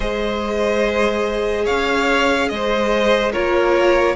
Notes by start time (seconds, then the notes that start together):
0.00 G#3 G#4 C5 D#5
1.64 C#4 C#5 F5
2.48 G#3 C5 D#5
3.32 A#3 F4 A#4 C#5